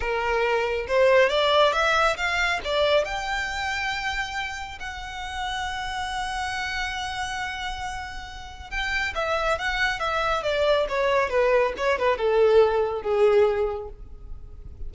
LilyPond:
\new Staff \with { instrumentName = "violin" } { \time 4/4 \tempo 4 = 138 ais'2 c''4 d''4 | e''4 f''4 d''4 g''4~ | g''2. fis''4~ | fis''1~ |
fis''1 | g''4 e''4 fis''4 e''4 | d''4 cis''4 b'4 cis''8 b'8 | a'2 gis'2 | }